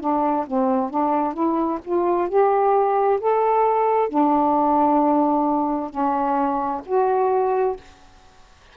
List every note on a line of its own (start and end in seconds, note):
0.00 0.45 D4
0.46 0.90 C4
0.90 1.33 D4
1.33 1.79 E4
1.84 2.28 F4
2.28 3.19 G4
3.20 4.09 A4
4.09 5.90 D4
5.90 6.81 C#4
6.85 7.76 F#4